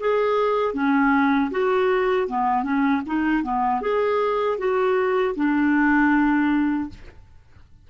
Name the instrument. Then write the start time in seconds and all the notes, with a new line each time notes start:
clarinet
0.00 G#4
0.74 C#4
1.51 F#4
2.28 B3
2.64 C#4
3.07 D#4
3.43 B3
3.81 G#4
4.58 F#4
5.36 D4